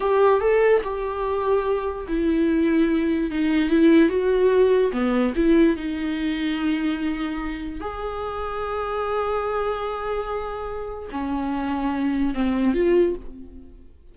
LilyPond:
\new Staff \with { instrumentName = "viola" } { \time 4/4 \tempo 4 = 146 g'4 a'4 g'2~ | g'4 e'2. | dis'4 e'4 fis'2 | b4 e'4 dis'2~ |
dis'2. gis'4~ | gis'1~ | gis'2. cis'4~ | cis'2 c'4 f'4 | }